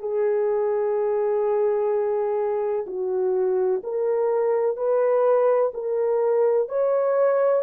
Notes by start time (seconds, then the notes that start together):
0.00 G#4
2.87 F#4
3.84 A#4
4.77 B4
5.74 A#4
6.69 C#5